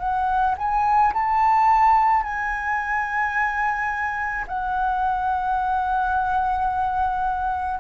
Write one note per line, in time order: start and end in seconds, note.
0.00 0.56 F#5
0.58 1.14 G#5
1.14 2.23 A5
2.23 4.45 G#5
4.48 7.81 F#5